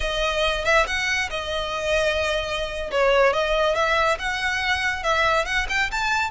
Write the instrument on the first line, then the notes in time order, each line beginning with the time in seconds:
violin
0.00 D#5
0.64 E5
0.86 F#5
1.30 D#5
2.91 C#5
3.33 D#5
3.75 E5
4.18 F#5
5.03 E5
5.45 F#5
5.69 G5
5.91 A5